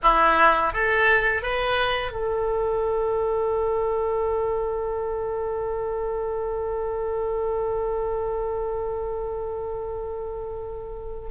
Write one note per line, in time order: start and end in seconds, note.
0.02 0.73 E4
0.73 1.42 A4
1.42 2.11 B4
2.11 11.29 A4